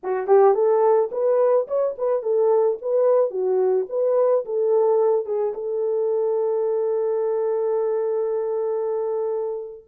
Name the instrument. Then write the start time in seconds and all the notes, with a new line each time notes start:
horn
0.03 F#4
0.27 G4
0.54 A4
1.11 B4
1.67 C#5
1.97 B4
2.22 A4
2.81 B4
3.30 F#4
3.89 B4
4.45 A4
5.25 G#4
5.54 A4